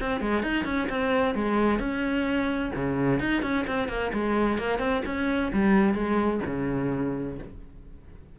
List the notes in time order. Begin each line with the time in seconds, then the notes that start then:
0.00 C4
0.21 G#3
0.42 D#4
0.65 C#4
0.89 C4
1.35 G#3
1.79 C#4
2.75 C#3
3.19 D#4
3.42 C#4
3.67 C4
3.88 A#3
4.13 G#3
4.58 A#3
4.79 C4
5.05 C#4
5.53 G3
5.94 G#3
6.46 C#3